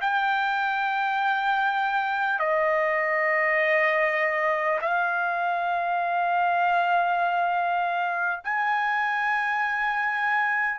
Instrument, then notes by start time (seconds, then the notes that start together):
trumpet
0.00 G5
2.39 D#5
4.81 F5
8.43 G#5